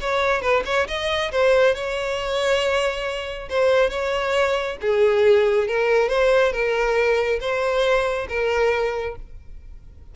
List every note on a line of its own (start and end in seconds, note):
0.00 0.41 C#5
0.41 0.63 B4
0.65 0.87 C#5
0.87 1.31 D#5
1.31 1.75 C5
1.75 3.49 C#5
3.49 3.90 C5
3.90 4.77 C#5
4.81 5.68 G#4
5.68 6.09 A#4
6.09 6.52 C5
6.52 7.39 A#4
7.40 8.27 C5
8.28 9.15 A#4